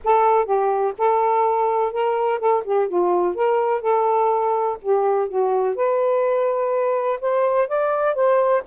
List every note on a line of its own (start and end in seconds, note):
0.03 0.45 A4
0.45 0.93 G4
0.98 1.92 A4
1.92 2.39 A#4
2.39 2.63 A4
2.64 2.88 G4
2.88 3.34 F4
3.34 3.81 A#4
3.81 4.77 A4
4.82 5.28 G4
5.28 5.75 F#4
5.75 7.19 B4
7.20 7.68 C5
7.68 8.14 D5
8.14 8.62 C5